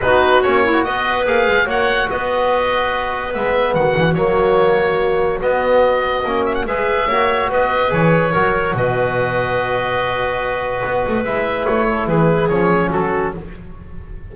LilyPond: <<
  \new Staff \with { instrumentName = "oboe" } { \time 4/4 \tempo 4 = 144 b'4 cis''4 dis''4 f''4 | fis''4 dis''2. | e''4 fis''4 cis''2~ | cis''4 dis''2~ dis''8 e''16 fis''16 |
e''2 dis''4 cis''4~ | cis''4 dis''2.~ | dis''2. e''4 | cis''4 b'4 cis''4 a'4 | }
  \new Staff \with { instrumentName = "clarinet" } { \time 4/4 fis'4. e'8 b'2 | cis''4 b'2.~ | b'4 fis'2.~ | fis'1 |
b'4 cis''4 b'2 | ais'4 b'2.~ | b'1~ | b'8 a'8 gis'2 fis'4 | }
  \new Staff \with { instrumentName = "trombone" } { \time 4/4 dis'4 cis'8. fis'4~ fis'16 gis'4 | fis'1 | b2 ais2~ | ais4 b2 cis'4 |
gis'4 fis'2 gis'4 | fis'1~ | fis'2. e'4~ | e'2 cis'2 | }
  \new Staff \with { instrumentName = "double bass" } { \time 4/4 b4 ais4 b4 ais8 gis8 | ais4 b2. | gis4 dis8 e8 fis2~ | fis4 b2 ais4 |
gis4 ais4 b4 e4 | fis4 b,2.~ | b,2 b8 a8 gis4 | a4 e4 f4 fis4 | }
>>